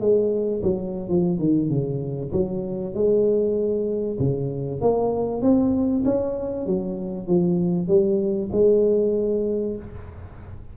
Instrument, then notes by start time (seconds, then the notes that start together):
tuba
0.00 G#3
0.63 F#3
1.09 F3
1.39 D#3
1.69 C#3
2.33 F#3
2.94 G#3
4.19 C#3
4.81 A#3
5.42 C4
6.05 C#4
6.66 F#3
7.27 F3
7.88 G3
8.52 G#3